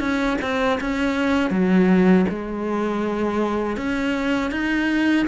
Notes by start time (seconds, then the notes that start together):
0.00 C#4
0.42 C4
0.81 C#4
1.51 F#3
2.29 G#3
3.77 C#4
4.52 D#4